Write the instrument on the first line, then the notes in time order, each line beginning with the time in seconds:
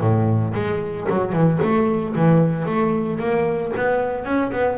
double bass
0.00 A2
0.54 G#3
1.09 F#3
1.33 E3
1.62 A3
2.15 E3
2.65 A3
3.19 A#3
3.76 B3
4.25 C#4
4.52 B3